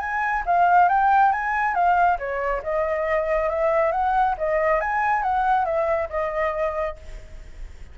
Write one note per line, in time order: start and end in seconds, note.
0.00 0.43 G#5
0.46 0.89 F5
0.89 1.32 G5
1.32 1.75 G#5
1.75 2.18 F5
2.19 2.62 C#5
2.63 3.50 D#5
3.50 3.92 E5
3.92 4.36 F#5
4.38 4.81 D#5
4.81 5.23 G#5
5.23 5.65 F#5
5.65 6.09 E5
6.09 6.96 D#5